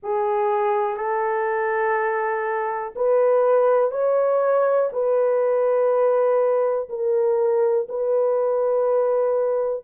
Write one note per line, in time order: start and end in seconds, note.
0.02 0.97 G#4
0.97 2.93 A4
2.95 3.91 B4
3.91 4.89 C#5
4.92 6.89 B4
6.89 7.87 A#4
7.89 9.84 B4